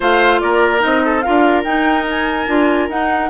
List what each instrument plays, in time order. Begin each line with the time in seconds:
0.00 bassoon A3, clarinet F4, oboe C5, flute F5
0.40 bassoon A#3, oboe A#4, flute D5
0.79 bassoon C4, clarinet D#4, flute D#5
1.04 oboe A4
1.21 clarinet F4, oboe A#4, flute F5
1.27 bassoon D4
1.64 bassoon D#4, clarinet D#4, flute G5
2.10 flute G#5
2.47 bassoon D4, clarinet F4
2.89 bassoon D#4, clarinet D#4, flute F#5